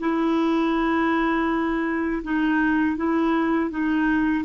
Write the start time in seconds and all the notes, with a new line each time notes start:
0.00 E4
2.23 D#4
2.97 E4
3.70 D#4